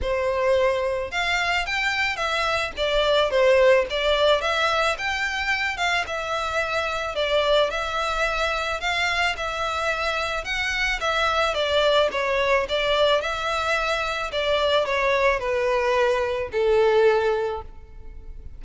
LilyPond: \new Staff \with { instrumentName = "violin" } { \time 4/4 \tempo 4 = 109 c''2 f''4 g''4 | e''4 d''4 c''4 d''4 | e''4 g''4. f''8 e''4~ | e''4 d''4 e''2 |
f''4 e''2 fis''4 | e''4 d''4 cis''4 d''4 | e''2 d''4 cis''4 | b'2 a'2 | }